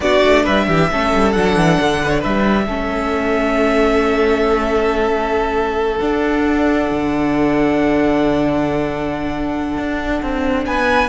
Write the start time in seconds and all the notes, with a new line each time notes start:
0.00 B3 D4 F#4 D5
0.24 A3
0.43 G3 B4 E5
0.68 E3 G4
0.90 A3 C#4 A4
1.13 G3
1.32 F#3 D4 F#5
1.56 E3
1.80 D3
2.03 B4
2.09 C#5
2.19 G3 B4 E5
2.66 A3 C#4 A4
5.97 D4 F#5
6.90 D3
9.77 D4
10.22 C4
10.66 B3 B4 G#5